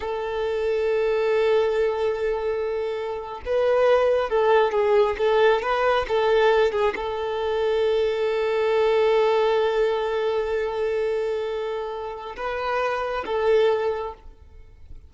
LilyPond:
\new Staff \with { instrumentName = "violin" } { \time 4/4 \tempo 4 = 136 a'1~ | a'2.~ a'8. b'16~ | b'4.~ b'16 a'4 gis'4 a'16~ | a'8. b'4 a'4. gis'8 a'16~ |
a'1~ | a'1~ | a'1 | b'2 a'2 | }